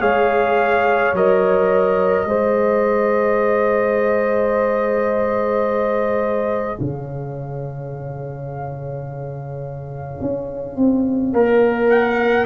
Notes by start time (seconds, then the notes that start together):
0.00 G#3 G#4 C#5 F5
1.14 F#3 A#4 D#5
2.26 G#3 G#4 C5
6.79 C#3 C#5 F5
10.21 C#4
10.77 C4
11.33 A#3 A#4
11.90 F#5